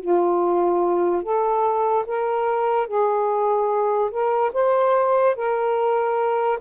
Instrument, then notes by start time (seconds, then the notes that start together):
saxophone
0.00 F4
1.23 A4
2.06 A#4
2.87 G#4
4.11 A#4
4.54 C5
5.36 A#4